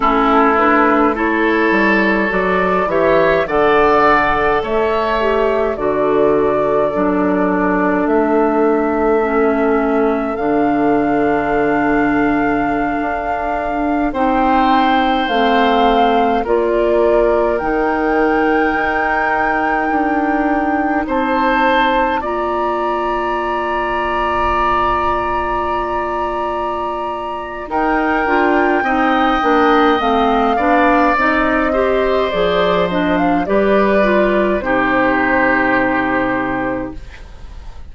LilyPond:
<<
  \new Staff \with { instrumentName = "flute" } { \time 4/4 \tempo 4 = 52 a'8 b'8 cis''4 d''8 e''8 fis''4 | e''4 d''2 e''4~ | e''4 f''2.~ | f''16 g''4 f''4 d''4 g''8.~ |
g''2~ g''16 a''4 ais''8.~ | ais''1 | g''2 f''4 dis''4 | d''8 dis''16 f''16 d''4 c''2 | }
  \new Staff \with { instrumentName = "oboe" } { \time 4/4 e'4 a'4. cis''8 d''4 | cis''4 a'2.~ | a'1~ | a'16 c''2 ais'4.~ ais'16~ |
ais'2~ ais'16 c''4 d''8.~ | d''1 | ais'4 dis''4. d''4 c''8~ | c''4 b'4 g'2 | }
  \new Staff \with { instrumentName = "clarinet" } { \time 4/4 cis'8 d'8 e'4 fis'8 g'8 a'4~ | a'8 g'8 fis'4 d'2 | cis'4 d'2.~ | d'16 dis'4 c'4 f'4 dis'8.~ |
dis'2.~ dis'16 f'8.~ | f'1 | dis'8 f'8 dis'8 d'8 c'8 d'8 dis'8 g'8 | gis'8 d'8 g'8 f'8 dis'2 | }
  \new Staff \with { instrumentName = "bassoon" } { \time 4/4 a4. g8 fis8 e8 d4 | a4 d4 fis4 a4~ | a4 d2~ d16 d'8.~ | d'16 c'4 a4 ais4 dis8.~ |
dis16 dis'4 d'4 c'4 ais8.~ | ais1 | dis'8 d'8 c'8 ais8 a8 b8 c'4 | f4 g4 c2 | }
>>